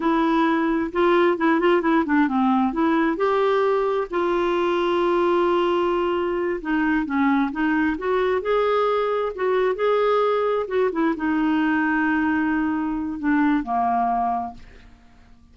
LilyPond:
\new Staff \with { instrumentName = "clarinet" } { \time 4/4 \tempo 4 = 132 e'2 f'4 e'8 f'8 | e'8 d'8 c'4 e'4 g'4~ | g'4 f'2.~ | f'2~ f'8 dis'4 cis'8~ |
cis'8 dis'4 fis'4 gis'4.~ | gis'8 fis'4 gis'2 fis'8 | e'8 dis'2.~ dis'8~ | dis'4 d'4 ais2 | }